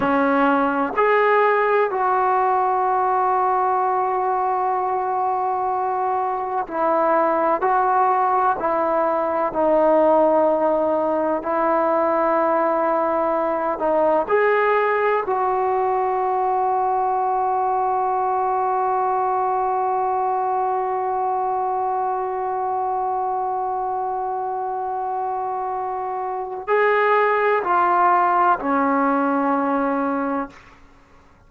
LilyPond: \new Staff \with { instrumentName = "trombone" } { \time 4/4 \tempo 4 = 63 cis'4 gis'4 fis'2~ | fis'2. e'4 | fis'4 e'4 dis'2 | e'2~ e'8 dis'8 gis'4 |
fis'1~ | fis'1~ | fis'1 | gis'4 f'4 cis'2 | }